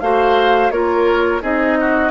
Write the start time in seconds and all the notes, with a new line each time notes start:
0.00 A3 F#4 C5 F5
0.70 A#3 F4 A#4 C#5
1.41 C4 D#4 G#4 D#5
1.80 F#4